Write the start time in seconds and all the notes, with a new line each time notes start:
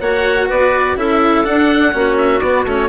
0.00 A#3 F#4 C#5 F#5
0.48 B3 B4 D5
0.95 C#4 E4 A4 E5
1.44 D4 F#5
1.92 A#3 C#4 F#4
2.17 E5
2.40 B3 D5
2.64 A3 C#4 C#5